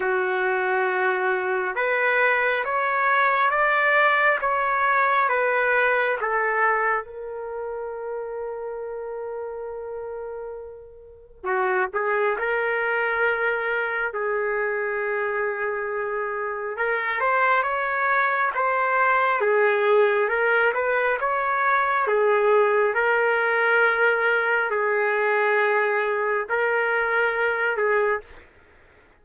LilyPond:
\new Staff \with { instrumentName = "trumpet" } { \time 4/4 \tempo 4 = 68 fis'2 b'4 cis''4 | d''4 cis''4 b'4 a'4 | ais'1~ | ais'4 fis'8 gis'8 ais'2 |
gis'2. ais'8 c''8 | cis''4 c''4 gis'4 ais'8 b'8 | cis''4 gis'4 ais'2 | gis'2 ais'4. gis'8 | }